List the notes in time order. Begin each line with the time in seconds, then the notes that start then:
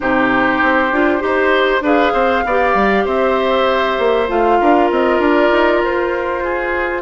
0.00 C3 D#4 G4 C5
0.61 C4
0.91 D4 F4
1.19 D#4 G4 C5
1.81 D4 G#4 B4 F5
2.12 C4 C5
2.44 B3 G4 D5
2.74 G3
3.05 C4 C5 E5
3.99 A#3
4.27 A3 F4 F5
4.60 D4 A#4
4.91 C4 D#5
5.18 D4 D5
5.51 D#4
5.83 F4 C5
6.44 G#4